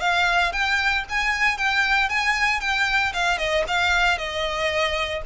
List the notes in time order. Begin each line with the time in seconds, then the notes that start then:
0.00 F5
0.52 G5
1.09 G#5
1.57 G5
2.09 G#5
2.60 G5
3.13 F5
3.38 D#5
3.67 F5
4.17 D#5